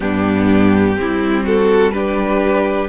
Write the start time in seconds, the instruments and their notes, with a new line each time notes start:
0.00 cello G2, viola B3, violin D4 G4
0.96 cello G3, viola C4, violin E4
1.44 violin F#4 A4
1.91 viola D4, violin G4 B4